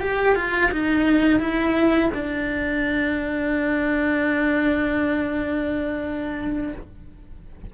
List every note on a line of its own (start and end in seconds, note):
0.00 0.35 G4
0.35 0.71 F4
0.71 1.39 D#4
1.39 2.10 E4
2.14 6.73 D4